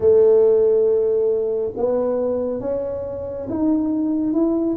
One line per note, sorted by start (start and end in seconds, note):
0.00 1.72 A3
1.76 2.60 B3
2.60 3.47 C#4
3.49 4.33 D#4
4.33 4.76 E4